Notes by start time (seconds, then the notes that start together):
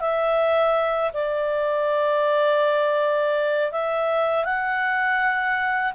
0.00 E5
1.13 D5
3.72 E5
4.44 F#5